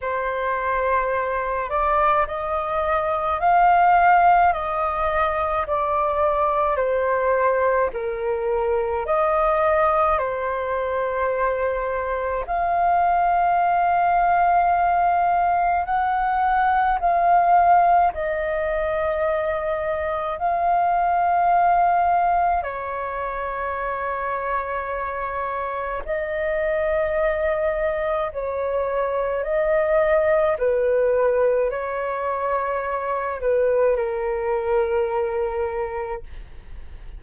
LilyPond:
\new Staff \with { instrumentName = "flute" } { \time 4/4 \tempo 4 = 53 c''4. d''8 dis''4 f''4 | dis''4 d''4 c''4 ais'4 | dis''4 c''2 f''4~ | f''2 fis''4 f''4 |
dis''2 f''2 | cis''2. dis''4~ | dis''4 cis''4 dis''4 b'4 | cis''4. b'8 ais'2 | }